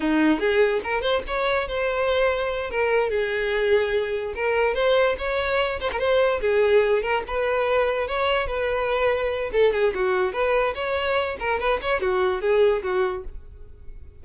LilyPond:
\new Staff \with { instrumentName = "violin" } { \time 4/4 \tempo 4 = 145 dis'4 gis'4 ais'8 c''8 cis''4 | c''2~ c''8 ais'4 gis'8~ | gis'2~ gis'8 ais'4 c''8~ | c''8 cis''4. c''16 ais'16 c''4 gis'8~ |
gis'4 ais'8 b'2 cis''8~ | cis''8 b'2~ b'8 a'8 gis'8 | fis'4 b'4 cis''4. ais'8 | b'8 cis''8 fis'4 gis'4 fis'4 | }